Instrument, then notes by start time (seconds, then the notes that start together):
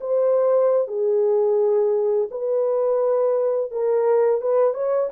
horn
0.00 C5
0.87 G#4
2.30 B4
3.71 A#4
4.41 B4
4.74 C#5